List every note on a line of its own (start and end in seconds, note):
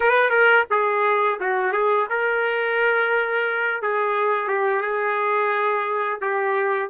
0.00 0.30 B4
0.30 0.64 A#4
0.70 1.39 G#4
1.39 1.72 F#4
1.72 2.07 G#4
2.09 3.82 A#4
3.82 4.48 G#4
4.48 4.81 G4
4.81 6.19 G#4
6.20 6.89 G4